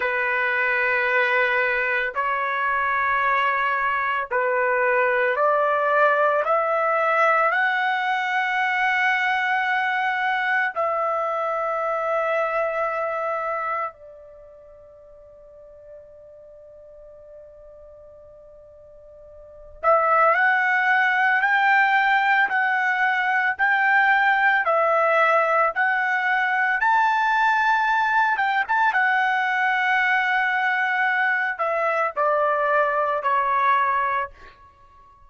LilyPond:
\new Staff \with { instrumentName = "trumpet" } { \time 4/4 \tempo 4 = 56 b'2 cis''2 | b'4 d''4 e''4 fis''4~ | fis''2 e''2~ | e''4 d''2.~ |
d''2~ d''8 e''8 fis''4 | g''4 fis''4 g''4 e''4 | fis''4 a''4. g''16 a''16 fis''4~ | fis''4. e''8 d''4 cis''4 | }